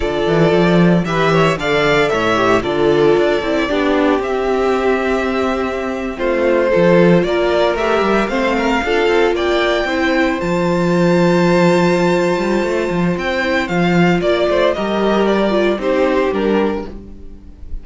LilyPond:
<<
  \new Staff \with { instrumentName = "violin" } { \time 4/4 \tempo 4 = 114 d''2 e''4 f''4 | e''4 d''2. | e''2.~ e''8. c''16~ | c''4.~ c''16 d''4 e''4 f''16~ |
f''4.~ f''16 g''2 a''16~ | a''1~ | a''4 g''4 f''4 d''4 | dis''4 d''4 c''4 ais'4 | }
  \new Staff \with { instrumentName = "violin" } { \time 4/4 a'2 b'8 cis''8 d''4 | cis''4 a'2 g'4~ | g'2.~ g'8. f'16~ | f'8. a'4 ais'2 c''16~ |
c''16 ais'8 a'4 d''4 c''4~ c''16~ | c''1~ | c''2. d''8 c''8 | ais'2 g'2 | }
  \new Staff \with { instrumentName = "viola" } { \time 4/4 f'2 g'4 a'4~ | a'8 g'8 f'4. e'8 d'4 | c'1~ | c'8. f'2 g'4 c'16~ |
c'8. f'2 e'4 f'16~ | f'1~ | f'4. e'8 f'2 | g'4. f'8 dis'4 d'4 | }
  \new Staff \with { instrumentName = "cello" } { \time 4/4 d8 e8 f4 e4 d4 | a,4 d4 d'8 c'8 b4 | c'2.~ c'8. a16~ | a8. f4 ais4 a8 g8 a16~ |
a8. d'8 c'8 ais4 c'4 f16~ | f2.~ f8 g8 | a8 f8 c'4 f4 ais8 a8 | g2 c'4 g4 | }
>>